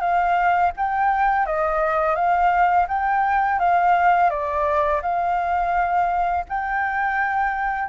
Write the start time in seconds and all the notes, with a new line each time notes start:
0.00 F5
0.77 G5
1.46 D#5
2.15 F5
2.88 G5
3.59 F5
4.30 D5
5.02 F5
6.48 G5